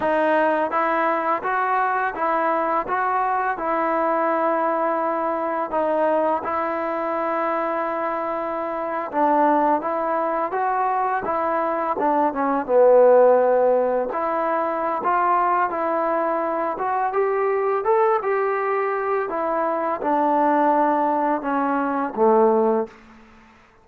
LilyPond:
\new Staff \with { instrumentName = "trombone" } { \time 4/4 \tempo 4 = 84 dis'4 e'4 fis'4 e'4 | fis'4 e'2. | dis'4 e'2.~ | e'8. d'4 e'4 fis'4 e'16~ |
e'8. d'8 cis'8 b2 e'16~ | e'4 f'4 e'4. fis'8 | g'4 a'8 g'4. e'4 | d'2 cis'4 a4 | }